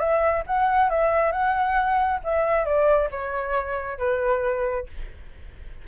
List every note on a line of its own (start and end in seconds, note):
0.00 0.44 E5
0.47 0.90 F#5
0.90 1.33 E5
1.33 2.21 F#5
2.24 2.66 E5
2.66 3.10 D5
3.12 3.99 C#5
3.99 4.87 B4